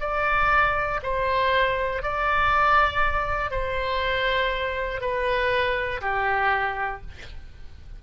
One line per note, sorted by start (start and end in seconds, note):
0.00 1.00 D5
1.03 2.02 C5
2.02 3.50 D5
3.50 5.00 C5
5.01 6.01 B4
6.01 7.01 G4